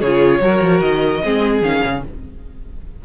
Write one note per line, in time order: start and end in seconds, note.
0.00 0.40 C#3
0.00 0.40 G#4
0.00 0.81 C#5
0.06 0.42 F4
0.40 0.60 F#3
0.40 1.22 F#4
0.40 1.23 A#4
0.61 0.81 F3
0.81 1.21 D#3
0.81 1.61 D#5
1.23 1.62 G#3
1.23 1.63 C4
1.23 2.03 G#4
1.62 1.82 D#3
1.62 2.03 C#4
1.62 2.04 F5
1.85 2.05 C#3